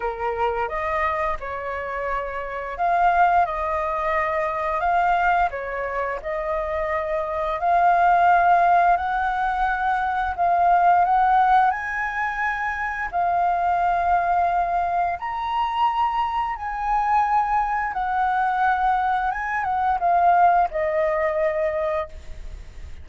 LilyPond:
\new Staff \with { instrumentName = "flute" } { \time 4/4 \tempo 4 = 87 ais'4 dis''4 cis''2 | f''4 dis''2 f''4 | cis''4 dis''2 f''4~ | f''4 fis''2 f''4 |
fis''4 gis''2 f''4~ | f''2 ais''2 | gis''2 fis''2 | gis''8 fis''8 f''4 dis''2 | }